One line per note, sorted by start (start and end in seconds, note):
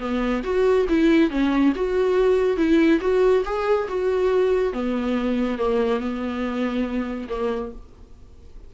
0.00 0.43 B3
0.43 0.86 F#4
0.89 1.30 E4
1.30 1.73 C#4
1.75 2.57 F#4
2.57 3.00 E4
3.01 3.43 F#4
3.45 3.88 G#4
3.88 4.73 F#4
4.73 5.58 B3
5.58 6.00 A#3
6.00 7.28 B3
7.29 7.72 A#3